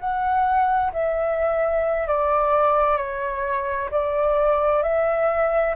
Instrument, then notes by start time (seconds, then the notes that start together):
flute
0.00 F#5
0.93 E5
2.08 D5
2.97 C#5
3.91 D5
4.83 E5